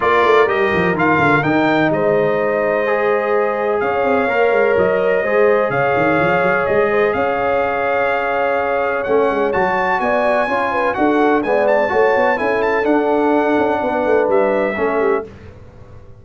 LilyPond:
<<
  \new Staff \with { instrumentName = "trumpet" } { \time 4/4 \tempo 4 = 126 d''4 dis''4 f''4 g''4 | dis''1 | f''2 dis''2 | f''2 dis''4 f''4~ |
f''2. fis''4 | a''4 gis''2 fis''4 | gis''8 a''4. gis''8 a''8 fis''4~ | fis''2 e''2 | }
  \new Staff \with { instrumentName = "horn" } { \time 4/4 ais'1 | c''1 | cis''2. c''4 | cis''2~ cis''8 c''8 cis''4~ |
cis''1~ | cis''4 d''4 cis''8 b'8 a'4 | d''4 cis''4 a'2~ | a'4 b'2 a'8 g'8 | }
  \new Staff \with { instrumentName = "trombone" } { \time 4/4 f'4 g'4 f'4 dis'4~ | dis'2 gis'2~ | gis'4 ais'2 gis'4~ | gis'1~ |
gis'2. cis'4 | fis'2 f'4 fis'4 | b4 fis'4 e'4 d'4~ | d'2. cis'4 | }
  \new Staff \with { instrumentName = "tuba" } { \time 4/4 ais8 a8 g8 f8 dis8 d8 dis4 | gis1 | cis'8 c'8 ais8 gis8 fis4 gis4 | cis8 dis8 f8 fis8 gis4 cis'4~ |
cis'2. a8 gis8 | fis4 b4 cis'4 d'4 | gis4 a8 b8 cis'4 d'4~ | d'8 cis'8 b8 a8 g4 a4 | }
>>